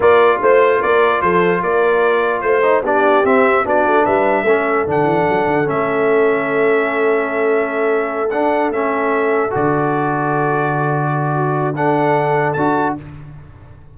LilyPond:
<<
  \new Staff \with { instrumentName = "trumpet" } { \time 4/4 \tempo 4 = 148 d''4 c''4 d''4 c''4 | d''2 c''4 d''4 | e''4 d''4 e''2 | fis''2 e''2~ |
e''1~ | e''8 fis''4 e''2 d''8~ | d''1~ | d''4 fis''2 a''4 | }
  \new Staff \with { instrumentName = "horn" } { \time 4/4 ais'4 c''4 ais'4 a'4 | ais'2 c''4 g'4~ | g'4 fis'4 b'4 a'4~ | a'1~ |
a'1~ | a'1~ | a'1 | fis'4 a'2. | }
  \new Staff \with { instrumentName = "trombone" } { \time 4/4 f'1~ | f'2~ f'8 dis'8 d'4 | c'4 d'2 cis'4 | d'2 cis'2~ |
cis'1~ | cis'8 d'4 cis'2 fis'8~ | fis'1~ | fis'4 d'2 fis'4 | }
  \new Staff \with { instrumentName = "tuba" } { \time 4/4 ais4 a4 ais4 f4 | ais2 a4 b4 | c'4 b8 a8 g4 a4 | d8 e8 fis8 d8 a2~ |
a1~ | a8 d'4 a2 d8~ | d1~ | d2. d'4 | }
>>